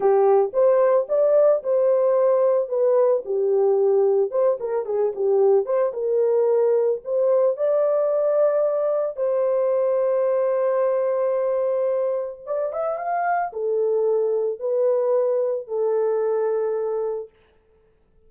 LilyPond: \new Staff \with { instrumentName = "horn" } { \time 4/4 \tempo 4 = 111 g'4 c''4 d''4 c''4~ | c''4 b'4 g'2 | c''8 ais'8 gis'8 g'4 c''8 ais'4~ | ais'4 c''4 d''2~ |
d''4 c''2.~ | c''2. d''8 e''8 | f''4 a'2 b'4~ | b'4 a'2. | }